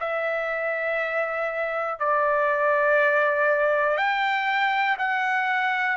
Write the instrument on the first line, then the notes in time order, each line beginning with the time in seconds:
trumpet
0.00 E5
2.00 D5
3.98 G5
4.99 F#5